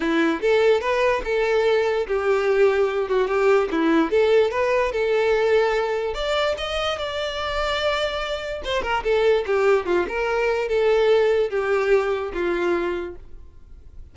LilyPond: \new Staff \with { instrumentName = "violin" } { \time 4/4 \tempo 4 = 146 e'4 a'4 b'4 a'4~ | a'4 g'2~ g'8 fis'8 | g'4 e'4 a'4 b'4 | a'2. d''4 |
dis''4 d''2.~ | d''4 c''8 ais'8 a'4 g'4 | f'8 ais'4. a'2 | g'2 f'2 | }